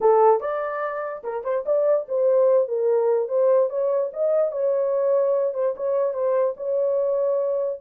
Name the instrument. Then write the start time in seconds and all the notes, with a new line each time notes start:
horn
0.01 A4
0.40 D5
1.23 A#4
1.44 C5
1.65 D5
2.08 C5
2.68 A#4
3.28 C5
3.69 C#5
4.13 D#5
4.51 C#5
5.54 C5
5.76 C#5
6.13 C5
6.56 C#5